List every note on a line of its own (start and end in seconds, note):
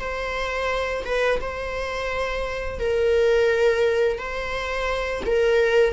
0.00 1.05 C5
1.05 1.40 B4
1.41 2.80 C5
2.80 4.19 A#4
4.19 5.23 C5
5.26 5.93 A#4